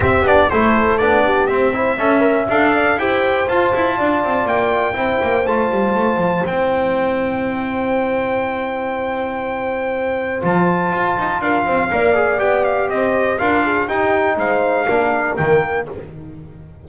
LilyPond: <<
  \new Staff \with { instrumentName = "trumpet" } { \time 4/4 \tempo 4 = 121 e''8 d''8 c''4 d''4 e''4~ | e''4 f''4 g''4 a''4~ | a''4 g''2 a''4~ | a''4 g''2.~ |
g''1~ | g''4 a''2 f''4~ | f''4 g''8 f''8 dis''4 f''4 | g''4 f''2 g''4 | }
  \new Staff \with { instrumentName = "horn" } { \time 4/4 g'4 a'4. g'4 c''8 | e''4. d''8 c''2 | d''2 c''2~ | c''1~ |
c''1~ | c''2. ais'8 c''8 | d''2 c''4 ais'8 gis'8 | g'4 c''4 ais'2 | }
  \new Staff \with { instrumentName = "trombone" } { \time 4/4 c'8 d'8 e'4 d'4 c'8 e'8 | a'8 ais'8 a'4 g'4 f'4~ | f'2 e'4 f'4~ | f'4 e'2.~ |
e'1~ | e'4 f'2. | ais'8 gis'8 g'2 f'4 | dis'2 d'4 ais4 | }
  \new Staff \with { instrumentName = "double bass" } { \time 4/4 c'8 b8 a4 b4 c'4 | cis'4 d'4 e'4 f'8 e'8 | d'8 c'8 ais4 c'8 ais8 a8 g8 | a8 f8 c'2.~ |
c'1~ | c'4 f4 f'8 dis'8 d'8 c'8 | ais4 b4 c'4 d'4 | dis'4 gis4 ais4 dis4 | }
>>